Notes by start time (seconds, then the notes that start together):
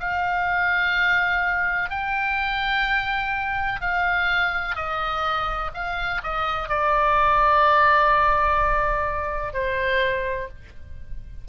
0.00 F5
1.90 G5
3.81 F5
4.76 D#5
5.74 F5
6.23 D#5
6.69 D5
9.53 C5